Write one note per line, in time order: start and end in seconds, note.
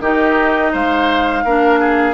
0.00 0.71 D#3
0.00 1.46 D#4
0.00 0.73 G4
0.00 0.75 D#5
0.73 1.45 G#3
0.73 1.44 C5
0.73 2.14 F5
1.45 2.14 A#3
1.45 2.14 D4
1.45 1.80 A#4
1.80 2.14 G#4